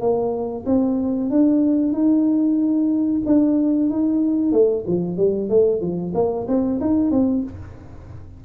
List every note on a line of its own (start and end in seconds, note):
0.00 0.65 A#3
0.66 1.30 C4
1.30 1.92 D4
1.92 3.21 D#4
3.26 3.90 D4
3.90 4.52 D#4
4.52 4.84 A3
4.87 5.17 F3
5.17 5.49 G3
5.49 5.81 A3
5.81 6.13 F3
6.14 6.46 A#3
6.48 6.80 C4
6.80 7.11 D#4
7.11 7.43 C4